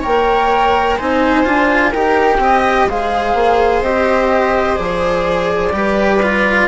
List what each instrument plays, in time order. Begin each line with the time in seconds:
0.00 bassoon A#3, cello A#4, viola C#5, flute G5
0.97 bassoon C4, cello D#4, viola C5, flute G#5
1.44 bassoon D4, cello F4
1.91 bassoon D#4, cello G4, viola A#4, flute G5
2.38 bassoon C4, viola D#5
2.86 bassoon G#3, cello G#4, viola C5, flute F5
3.34 bassoon A#3
3.81 bassoon C4, cello G4, flute D#5
4.76 bassoon F3, cello G#4, flute D5
5.72 bassoon G3, cello G4, viola B4
6.22 cello F4